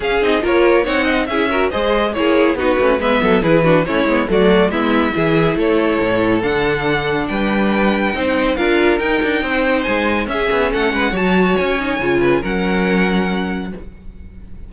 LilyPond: <<
  \new Staff \with { instrumentName = "violin" } { \time 4/4 \tempo 4 = 140 f''8 dis''8 cis''4 fis''4 e''4 | dis''4 cis''4 b'4 e''4 | b'4 cis''4 d''4 e''4~ | e''4 cis''2 fis''4~ |
fis''4 g''2. | f''4 g''2 gis''4 | e''4 fis''4 a''4 gis''4~ | gis''4 fis''2. | }
  \new Staff \with { instrumentName = "violin" } { \time 4/4 gis'4 ais'4 cis''8 dis''8 gis'8 ais'8 | c''4 gis'4 fis'4 b'8 a'8 | gis'8 fis'8 e'4 fis'4 e'4 | gis'4 a'2.~ |
a'4 b'2 c''4 | ais'2 c''2 | gis'4 a'8 b'8 cis''2~ | cis''8 b'8 ais'2. | }
  \new Staff \with { instrumentName = "viola" } { \time 4/4 cis'8 dis'8 f'4 dis'4 e'8 fis'8 | gis'4 e'4 dis'8 cis'8 b4 | e'8 d'8 cis'8 b8 a4 b4 | e'2. d'4~ |
d'2. dis'4 | f'4 dis'2. | cis'2 fis'4. dis'8 | f'4 cis'2. | }
  \new Staff \with { instrumentName = "cello" } { \time 4/4 cis'8 c'8 ais4 c'4 cis'4 | gis4 ais4 b8 a8 gis8 fis8 | e4 a8 gis8 fis4 gis4 | e4 a4 a,4 d4~ |
d4 g2 c'4 | d'4 dis'8 d'8 c'4 gis4 | cis'8 b8 a8 gis8 fis4 cis'4 | cis4 fis2. | }
>>